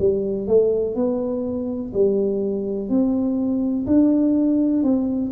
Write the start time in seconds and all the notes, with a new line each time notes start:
0.00 G3
0.48 A3
0.95 B3
1.94 G3
2.90 C4
3.87 D4
4.84 C4